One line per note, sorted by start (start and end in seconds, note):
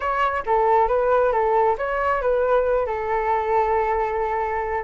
0.00 0.43 C#5
0.46 0.88 A4
0.88 1.32 B4
1.32 1.76 A4
1.78 2.21 C#5
2.21 2.86 B4
2.86 4.84 A4